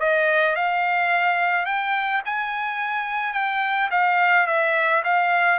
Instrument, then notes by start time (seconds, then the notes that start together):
trumpet
0.00 D#5
0.56 F5
1.66 G5
2.25 G#5
3.34 G5
3.91 F5
4.47 E5
5.04 F5